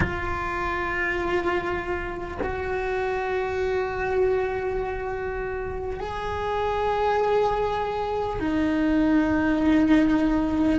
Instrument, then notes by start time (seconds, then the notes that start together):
cello
0.00 F4
2.42 F#4
5.99 G#4
8.39 D#4